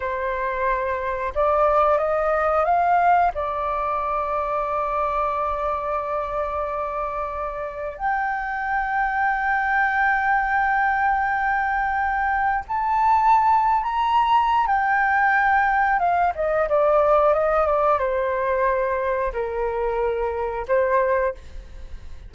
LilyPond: \new Staff \with { instrumentName = "flute" } { \time 4/4 \tempo 4 = 90 c''2 d''4 dis''4 | f''4 d''2.~ | d''1 | g''1~ |
g''2. a''4~ | a''8. ais''4~ ais''16 g''2 | f''8 dis''8 d''4 dis''8 d''8 c''4~ | c''4 ais'2 c''4 | }